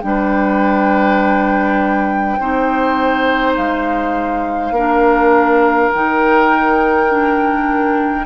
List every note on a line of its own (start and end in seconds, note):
0.00 2.38 G3
0.00 2.38 D4
0.00 3.53 G5
0.07 2.39 B4
2.39 3.56 C4
2.39 4.75 D#4
2.39 4.73 C5
3.56 4.70 G#3
3.56 5.91 F5
4.70 5.88 A#3
4.70 5.93 D4
4.70 8.25 A#4
5.91 8.25 D#3
5.91 7.09 D#4
5.91 8.25 G5
7.09 8.25 D4